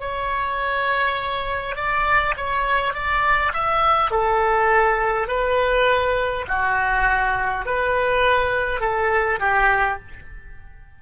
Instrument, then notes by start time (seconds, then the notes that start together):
oboe
0.00 C#5
1.75 D5
2.37 C#5
2.94 D5
3.53 E5
4.11 A4
5.28 B4
6.48 F#4
7.66 B4
8.80 A4
9.40 G4